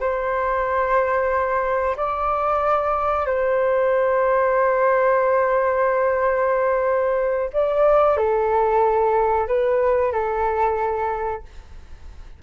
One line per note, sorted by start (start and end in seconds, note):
0.00 1.96 C5
1.97 3.26 D5
3.26 7.50 C5
7.53 8.17 D5
8.17 9.47 A4
9.47 10.12 B4
10.12 11.42 A4